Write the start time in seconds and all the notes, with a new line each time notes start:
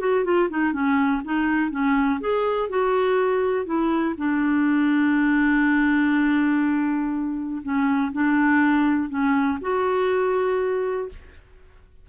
0.00 F#4
0.25 F4
0.50 D#4
0.73 C#4
1.25 D#4
1.71 C#4
2.21 G#4
2.70 F#4
3.66 E4
4.18 D4
7.63 C#4
8.13 D4
9.09 C#4
9.61 F#4